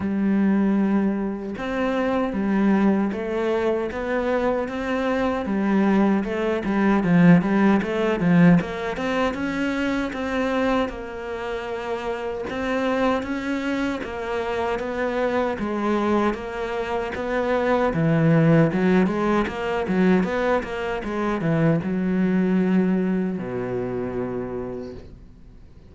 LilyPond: \new Staff \with { instrumentName = "cello" } { \time 4/4 \tempo 4 = 77 g2 c'4 g4 | a4 b4 c'4 g4 | a8 g8 f8 g8 a8 f8 ais8 c'8 | cis'4 c'4 ais2 |
c'4 cis'4 ais4 b4 | gis4 ais4 b4 e4 | fis8 gis8 ais8 fis8 b8 ais8 gis8 e8 | fis2 b,2 | }